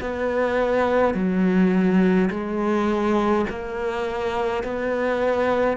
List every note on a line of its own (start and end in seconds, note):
0.00 1.14 B3
1.14 2.29 F#3
2.30 3.45 G#3
3.49 4.63 A#3
4.63 5.76 B3